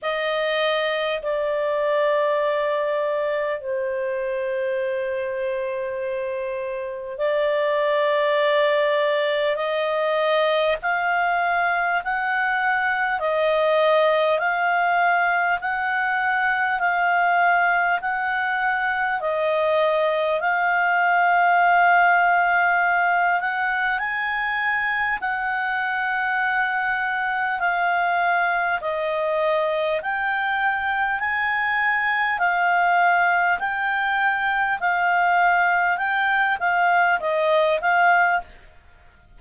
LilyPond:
\new Staff \with { instrumentName = "clarinet" } { \time 4/4 \tempo 4 = 50 dis''4 d''2 c''4~ | c''2 d''2 | dis''4 f''4 fis''4 dis''4 | f''4 fis''4 f''4 fis''4 |
dis''4 f''2~ f''8 fis''8 | gis''4 fis''2 f''4 | dis''4 g''4 gis''4 f''4 | g''4 f''4 g''8 f''8 dis''8 f''8 | }